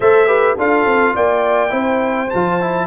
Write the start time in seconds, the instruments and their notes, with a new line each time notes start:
0.00 tuba A3, trombone A4, horn C5, trumpet E5
0.26 trombone G4, horn B4
0.57 tuba D4, trombone F4, horn A4, trumpet F5
0.85 tuba C4
1.15 tuba A#3, horn D5, trumpet G5
1.69 tuba C4, trombone E4, horn C5
2.30 tuba F3, trombone F4, trumpet A5
2.61 trombone E4